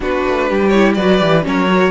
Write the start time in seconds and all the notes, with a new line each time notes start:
0.00 B3 D4 F#4 B4
0.28 A3
0.48 G3 G4
0.68 E4 C#5
0.94 F#3 F#4 B4 D5
1.18 E3 G4
1.42 F#3 C#4 A#4 C#5
1.68 F#4